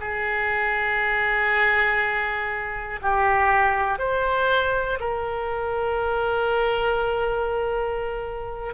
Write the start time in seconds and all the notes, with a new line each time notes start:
0.00 G#4
3.01 G4
3.98 C5
5.00 A#4